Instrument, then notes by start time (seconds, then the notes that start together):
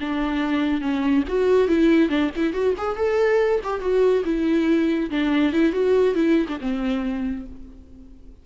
viola
0.00 D4
0.81 C#4
1.28 F#4
1.68 E4
2.09 D4
2.36 E4
2.53 F#4
2.77 G#4
2.96 A4
3.63 G4
3.81 F#4
4.25 E4
5.10 D4
5.52 E4
5.72 F#4
6.15 E4
6.48 D4
6.60 C4